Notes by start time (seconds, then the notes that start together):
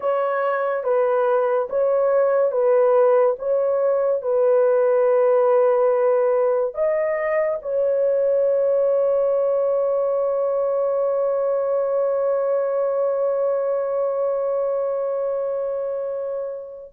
0.00 C#5
0.83 B4
1.69 C#5
2.51 B4
3.38 C#5
4.21 B4
6.74 D#5
7.61 C#5